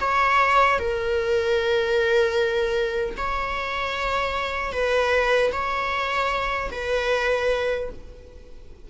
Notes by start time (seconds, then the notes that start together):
0.00 C#5
0.79 A#4
3.17 C#5
4.72 B4
5.52 C#5
6.71 B4